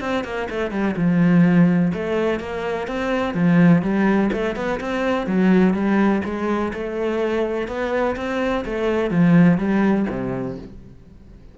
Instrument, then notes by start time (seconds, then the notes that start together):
cello
0.00 C4
0.24 A#3
0.50 A3
0.71 G3
0.96 F3
1.94 A3
2.40 A#3
2.87 C4
3.34 F3
3.82 G3
4.33 A3
4.56 B3
4.80 C4
5.27 F#3
5.74 G3
6.25 G#3
6.74 A3
7.68 B3
8.16 C4
8.65 A3
9.11 F3
9.58 G3
10.10 C3